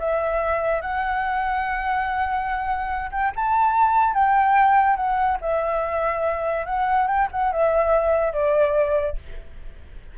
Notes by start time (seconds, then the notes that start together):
0.00 E5
0.82 F#5
3.12 G5
3.36 A5
4.14 G5
4.97 F#5
5.41 E5
6.66 F#5
7.08 G5
7.32 F#5
7.53 E5
8.34 D5